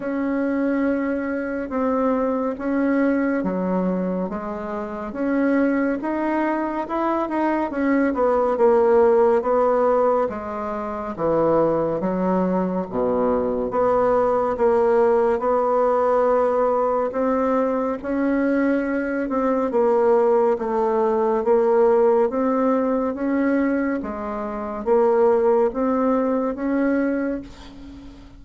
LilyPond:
\new Staff \with { instrumentName = "bassoon" } { \time 4/4 \tempo 4 = 70 cis'2 c'4 cis'4 | fis4 gis4 cis'4 dis'4 | e'8 dis'8 cis'8 b8 ais4 b4 | gis4 e4 fis4 b,4 |
b4 ais4 b2 | c'4 cis'4. c'8 ais4 | a4 ais4 c'4 cis'4 | gis4 ais4 c'4 cis'4 | }